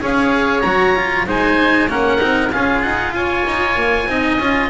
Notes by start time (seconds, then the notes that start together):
0.00 C#4 G#4 C#5 F5
0.61 F#3 F#4 A#5
0.96 F4
1.27 G#3 D#4 C5 G#5
1.88 A#3 C#4 A#4 F#5
2.18 C4 D#4
2.52 C#4 F4 G#4 F5
2.82 D#4 F#5
3.12 F4 C#5 G#5
3.47 D#4
3.75 A#3
4.07 C4 D#4 D#5
4.39 C#4 F4